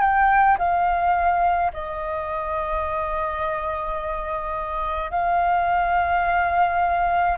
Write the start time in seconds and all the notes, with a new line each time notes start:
0.00 G5
0.58 F5
1.73 D#5
5.10 F5